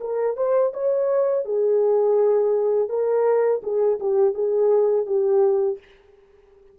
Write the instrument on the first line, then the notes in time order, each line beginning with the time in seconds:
horn
0.00 A#4
0.36 C5
0.73 C#5
1.45 G#4
2.89 A#4
3.63 G#4
3.99 G4
4.34 G#4
5.06 G4